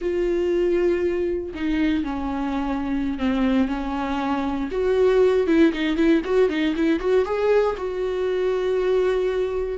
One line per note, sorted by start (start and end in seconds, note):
0.01 1.53 F4
1.54 2.03 D#4
2.03 3.18 C#4
3.18 3.68 C4
3.68 4.69 C#4
4.71 5.46 F#4
5.46 5.72 E4
5.72 5.96 D#4
5.96 6.21 E4
6.24 6.49 F#4
6.49 6.74 D#4
6.76 6.99 E4
6.99 7.25 F#4
7.25 7.76 G#4
7.77 9.78 F#4